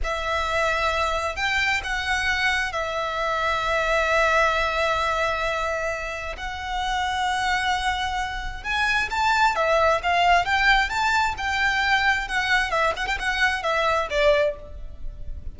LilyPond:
\new Staff \with { instrumentName = "violin" } { \time 4/4 \tempo 4 = 132 e''2. g''4 | fis''2 e''2~ | e''1~ | e''2 fis''2~ |
fis''2. gis''4 | a''4 e''4 f''4 g''4 | a''4 g''2 fis''4 | e''8 fis''16 g''16 fis''4 e''4 d''4 | }